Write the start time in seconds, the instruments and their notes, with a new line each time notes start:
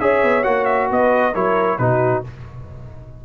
0.00 tuba C#4, trombone G#4, horn C#5, trumpet E5
0.23 tuba B3
0.43 tuba A#3, trombone F#4, trumpet F#5
0.65 trumpet E5
0.90 tuba B3, horn B4, trumpet D#5
1.34 tuba F#3, trombone E4, horn A#4, trumpet C#5
1.78 tuba B2, trombone D#4, horn F#4, trumpet B4